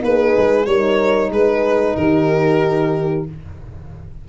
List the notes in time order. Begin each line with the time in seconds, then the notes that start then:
0.00 A#3 D#4 G#4 B4
0.37 G#3
0.65 G3 D#4 A#4 C#5
1.30 G#3 G#4 B4
1.95 D#3 G4 A#4